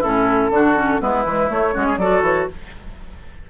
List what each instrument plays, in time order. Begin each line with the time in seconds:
0.00 bassoon A2, clarinet C#4, oboe E4, flute A4
0.50 bassoon D3, clarinet D4, oboe F#4
0.76 clarinet C#4
1.00 bassoon G#3, clarinet B3, oboe E4, flute B4
1.25 bassoon E3, clarinet G#3
1.48 clarinet A3, bassoon A3, flute C#5
1.73 bassoon G#3, clarinet C#4, oboe F#4
1.86 oboe G#4
1.97 bassoon F#3, clarinet F#4, oboe A4, flute D5
2.21 bassoon E3, flute C#5